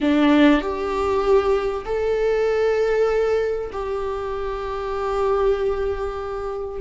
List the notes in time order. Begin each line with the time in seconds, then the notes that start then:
0.00 D4
0.61 G4
1.85 A4
3.72 G4